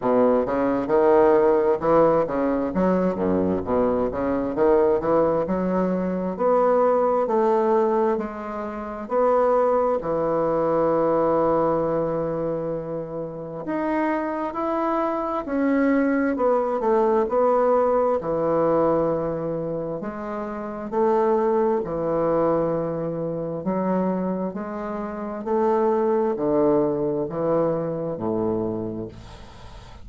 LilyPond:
\new Staff \with { instrumentName = "bassoon" } { \time 4/4 \tempo 4 = 66 b,8 cis8 dis4 e8 cis8 fis8 fis,8 | b,8 cis8 dis8 e8 fis4 b4 | a4 gis4 b4 e4~ | e2. dis'4 |
e'4 cis'4 b8 a8 b4 | e2 gis4 a4 | e2 fis4 gis4 | a4 d4 e4 a,4 | }